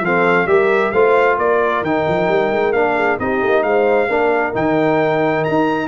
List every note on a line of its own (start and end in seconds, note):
0.00 0.45 F3
0.00 0.47 C4
0.00 0.48 A4
0.00 0.47 F5
0.46 0.91 G3
0.46 0.92 G4
0.46 0.92 A#4
0.46 0.91 E5
0.91 1.37 A3
0.91 1.84 F4
0.91 1.37 C5
0.91 1.36 F5
1.37 1.82 A#3
1.37 2.95 A#4
1.37 1.83 D5
1.82 2.04 D#3
1.82 2.74 D#4
1.82 2.72 G5
2.08 2.28 F3
2.28 2.50 G3
2.51 2.72 G#3
2.72 3.17 A#3
2.72 3.19 D4
2.72 3.17 F5
2.95 3.18 G#4
3.19 3.42 C4
3.19 4.08 D#4
3.19 3.65 G4
3.19 3.62 D#5
3.43 3.63 A#3
3.62 4.08 G#3
3.62 4.09 C5
3.62 4.53 F5
4.08 4.53 A#3
4.08 4.53 D4
4.08 5.87 A#4
4.53 5.45 D#3
4.53 5.87 D#4
4.53 5.44 G5
5.44 5.87 D#4
5.44 5.87 A#5